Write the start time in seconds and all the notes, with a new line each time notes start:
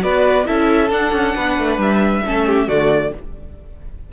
0.00 B3 F#4 B4 D5
0.45 C#4 E4 A4 E5
0.90 D4 F#5
1.12 C#4
1.35 B3 B4
1.58 A3
1.78 G3 E5
2.26 A3 C#4 A4
2.46 G4
2.68 D3 A3 F#4 D5